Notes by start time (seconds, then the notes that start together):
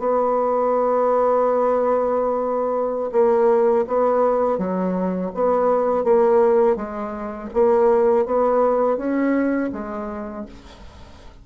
0.00 B3
3.12 A#3
3.88 B3
4.59 F#3
5.35 B3
6.04 A#3
6.77 G#3
7.54 A#3
8.26 B3
8.98 C#4
9.73 G#3